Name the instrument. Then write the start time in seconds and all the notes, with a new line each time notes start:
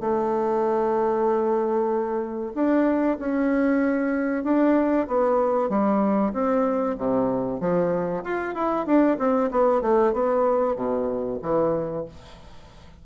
bassoon
0.00 A3
2.55 D4
3.19 C#4
4.44 D4
5.07 B3
5.69 G3
6.33 C4
6.98 C3
7.60 F3
8.23 F4
8.54 E4
8.86 D4
9.18 C4
9.51 B3
9.81 A3
10.13 B3
10.76 B2
11.42 E3